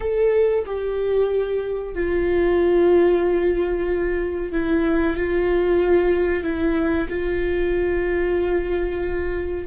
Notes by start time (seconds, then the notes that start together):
0.00 A4
0.65 G4
1.94 F4
4.52 E4
5.16 F4
6.43 E4
7.09 F4